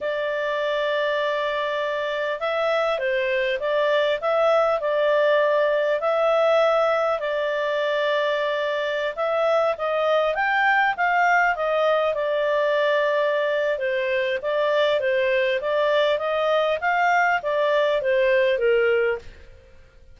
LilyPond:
\new Staff \with { instrumentName = "clarinet" } { \time 4/4 \tempo 4 = 100 d''1 | e''4 c''4 d''4 e''4 | d''2 e''2 | d''2.~ d''16 e''8.~ |
e''16 dis''4 g''4 f''4 dis''8.~ | dis''16 d''2~ d''8. c''4 | d''4 c''4 d''4 dis''4 | f''4 d''4 c''4 ais'4 | }